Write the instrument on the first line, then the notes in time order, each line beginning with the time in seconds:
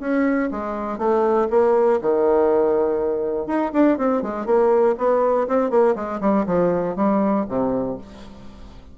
bassoon
0.00 C#4
0.51 G#3
0.98 A3
1.50 A#3
2.02 D#3
3.47 D#4
3.73 D4
3.98 C4
4.22 G#3
4.46 A#3
4.98 B3
5.48 C4
5.70 A#3
5.96 G#3
6.21 G3
6.46 F3
6.96 G3
7.49 C3